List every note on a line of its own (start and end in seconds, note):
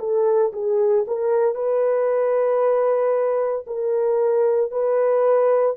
0.00 0.53 A4
0.53 1.06 G#4
1.08 1.56 A#4
1.56 3.66 B4
3.67 4.72 A#4
4.72 5.77 B4